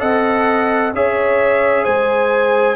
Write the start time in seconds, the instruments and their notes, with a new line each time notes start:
0.00 tuba C4, trombone A4, horn D#5, trumpet F#5
0.94 tuba C#4, trombone G#4, horn C#5, trumpet E5
1.84 tuba G#3, horn C5, trumpet G#5